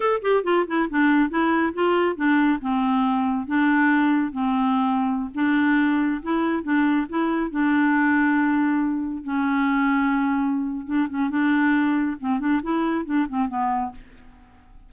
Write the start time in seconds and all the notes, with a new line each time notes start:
0.00 A4
0.22 G4
0.43 F4
0.67 E4
0.90 D4
1.29 E4
1.73 F4
2.15 D4
2.61 C4
3.46 D4
4.32 C4
5.34 D4
6.22 E4
6.63 D4
7.09 E4
7.50 D4
9.23 C#4
10.86 D4
11.09 C#4
11.30 D4
12.20 C4
12.39 D4
12.62 E4
13.05 D4
13.28 C4
13.48 B3